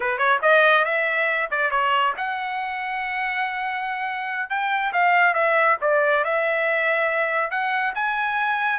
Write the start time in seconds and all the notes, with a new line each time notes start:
0.00 B4
0.17 C#5
0.42 D#5
0.84 E5
1.51 D5
1.70 C#5
2.17 F#5
4.49 G5
4.92 F5
5.34 E5
5.81 D5
6.24 E5
7.50 F#5
7.94 G#5